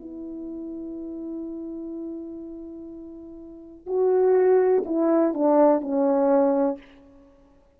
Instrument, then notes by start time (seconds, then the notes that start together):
horn
0.00 E4
3.86 F#4
4.85 E4
5.33 D4
5.81 C#4